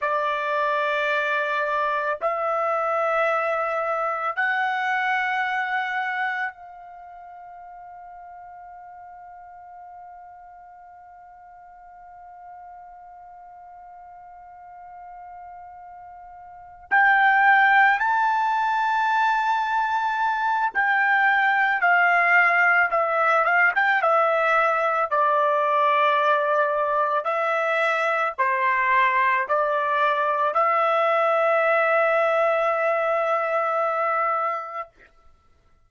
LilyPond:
\new Staff \with { instrumentName = "trumpet" } { \time 4/4 \tempo 4 = 55 d''2 e''2 | fis''2 f''2~ | f''1~ | f''2.~ f''8 g''8~ |
g''8 a''2~ a''8 g''4 | f''4 e''8 f''16 g''16 e''4 d''4~ | d''4 e''4 c''4 d''4 | e''1 | }